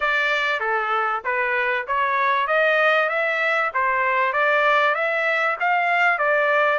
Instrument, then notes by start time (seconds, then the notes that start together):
trumpet
0.00 D5
0.60 A4
1.24 B4
1.87 C#5
2.47 D#5
3.09 E5
3.74 C5
4.32 D5
4.94 E5
5.60 F5
6.18 D5